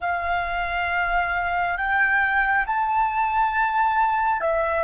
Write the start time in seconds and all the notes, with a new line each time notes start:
0.00 F5
1.76 G5
2.66 A5
4.40 E5